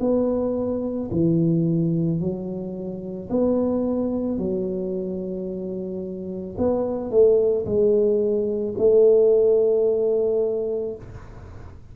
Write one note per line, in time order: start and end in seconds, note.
0.00 1.09 B3
1.11 2.20 E3
2.20 3.29 F#3
3.29 4.38 B3
4.38 6.56 F#3
6.58 7.10 B3
7.10 7.65 A3
7.65 8.74 G#3
8.77 10.95 A3